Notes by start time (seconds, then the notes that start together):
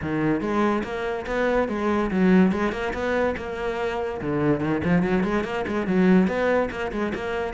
0.02 D#3
0.41 G#3
0.83 A#3
1.26 B3
1.68 G#3
2.10 F#3
2.52 G#3
2.72 A#3
2.93 B3
3.37 A#3
4.21 D3
4.60 D#3
4.84 F3
5.02 F#3
5.23 G#3
5.44 A#3
5.67 G#3
5.86 F#3
6.27 B3
6.70 A#3
6.91 G#3
7.14 A#3